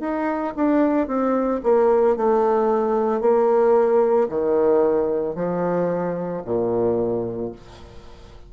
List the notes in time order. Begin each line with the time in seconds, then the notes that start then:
0.00 D#4
0.56 D4
1.07 C4
1.63 A#3
2.16 A3
3.21 A#3
4.29 D#3
5.35 F3
6.45 A#2